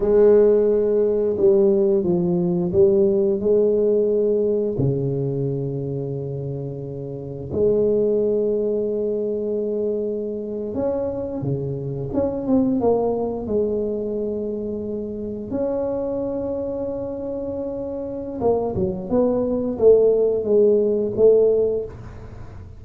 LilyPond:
\new Staff \with { instrumentName = "tuba" } { \time 4/4 \tempo 4 = 88 gis2 g4 f4 | g4 gis2 cis4~ | cis2. gis4~ | gis2.~ gis8. cis'16~ |
cis'8. cis4 cis'8 c'8 ais4 gis16~ | gis2~ gis8. cis'4~ cis'16~ | cis'2. ais8 fis8 | b4 a4 gis4 a4 | }